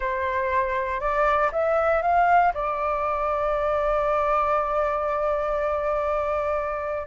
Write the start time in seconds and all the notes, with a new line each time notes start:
0.00 C5
1.00 D5
1.52 E5
2.02 F5
2.54 D5